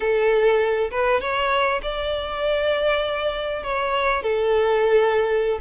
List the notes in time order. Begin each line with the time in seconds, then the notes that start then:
0.00 A4
0.90 B4
1.20 C#5
1.82 D5
3.63 C#5
4.23 A4